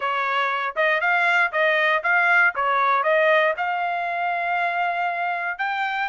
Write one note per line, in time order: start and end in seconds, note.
0.00 0.74 C#5
0.76 1.00 D#5
1.00 1.51 F5
1.52 2.02 D#5
2.03 2.54 F5
2.55 3.03 C#5
3.03 3.54 D#5
3.57 5.58 F5
5.58 6.09 G5